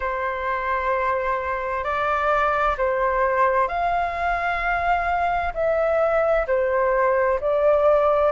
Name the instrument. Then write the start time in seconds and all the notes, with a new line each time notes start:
flute
0.00 C5
1.83 D5
2.77 C5
3.68 F5
5.54 E5
6.47 C5
7.40 D5